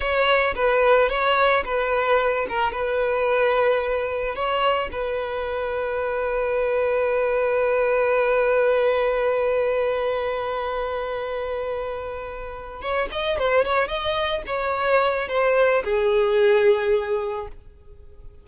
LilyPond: \new Staff \with { instrumentName = "violin" } { \time 4/4 \tempo 4 = 110 cis''4 b'4 cis''4 b'4~ | b'8 ais'8 b'2. | cis''4 b'2.~ | b'1~ |
b'1~ | b'2.~ b'8 cis''8 | dis''8 c''8 cis''8 dis''4 cis''4. | c''4 gis'2. | }